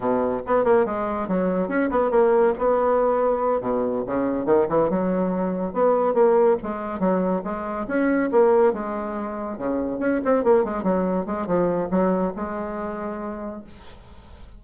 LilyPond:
\new Staff \with { instrumentName = "bassoon" } { \time 4/4 \tempo 4 = 141 b,4 b8 ais8 gis4 fis4 | cis'8 b8 ais4 b2~ | b8 b,4 cis4 dis8 e8 fis8~ | fis4. b4 ais4 gis8~ |
gis8 fis4 gis4 cis'4 ais8~ | ais8 gis2 cis4 cis'8 | c'8 ais8 gis8 fis4 gis8 f4 | fis4 gis2. | }